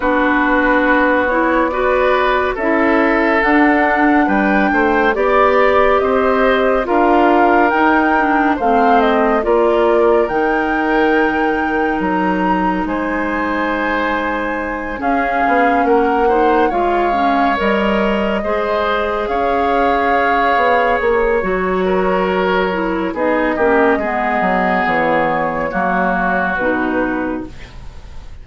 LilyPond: <<
  \new Staff \with { instrumentName = "flute" } { \time 4/4 \tempo 4 = 70 b'4. cis''8 d''4 e''4 | fis''4 g''4 d''4 dis''4 | f''4 g''4 f''8 dis''8 d''4 | g''2 ais''4 gis''4~ |
gis''4. f''4 fis''4 f''8~ | f''8 dis''2 f''4.~ | f''8 cis''2~ cis''8 dis''4~ | dis''4 cis''2 b'4 | }
  \new Staff \with { instrumentName = "oboe" } { \time 4/4 fis'2 b'4 a'4~ | a'4 b'8 c''8 d''4 c''4 | ais'2 c''4 ais'4~ | ais'2. c''4~ |
c''4. gis'4 ais'8 c''8 cis''8~ | cis''4. c''4 cis''4.~ | cis''4. ais'4. gis'8 g'8 | gis'2 fis'2 | }
  \new Staff \with { instrumentName = "clarinet" } { \time 4/4 d'4. e'8 fis'4 e'4 | d'2 g'2 | f'4 dis'8 d'8 c'4 f'4 | dis'1~ |
dis'4. cis'4. dis'8 f'8 | cis'8 ais'4 gis'2~ gis'8~ | gis'4 fis'4. e'8 dis'8 cis'8 | b2 ais4 dis'4 | }
  \new Staff \with { instrumentName = "bassoon" } { \time 4/4 b2. cis'4 | d'4 g8 a8 b4 c'4 | d'4 dis'4 a4 ais4 | dis2 fis4 gis4~ |
gis4. cis'8 b8 ais4 gis8~ | gis8 g4 gis4 cis'4. | b8 ais8 fis2 b8 ais8 | gis8 fis8 e4 fis4 b,4 | }
>>